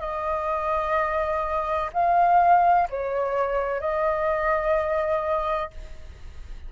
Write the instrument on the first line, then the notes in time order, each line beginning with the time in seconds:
flute
0.00 D#5
1.93 F5
2.90 C#5
3.80 D#5